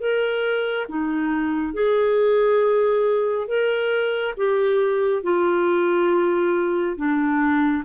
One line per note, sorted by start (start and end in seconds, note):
0.00 0.87 A#4
0.89 1.74 D#4
1.74 3.48 G#4
3.48 4.35 A#4
4.38 5.23 G4
5.23 6.97 F4
6.97 7.84 D4